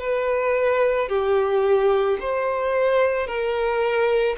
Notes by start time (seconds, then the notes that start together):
0.00 B4
1.09 G4
2.20 C5
3.27 A#4